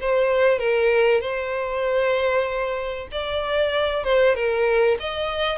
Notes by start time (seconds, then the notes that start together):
0.00 C5
0.59 A#4
1.20 C5
3.11 D5
4.04 C5
4.35 A#4
4.99 D#5